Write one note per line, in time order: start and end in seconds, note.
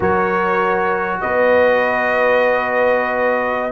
0.00 1.21 F#3
0.00 3.71 F#4
0.00 1.20 A#4
0.00 1.21 C#5
1.21 3.71 B3
1.21 3.71 B4
1.21 3.71 D#5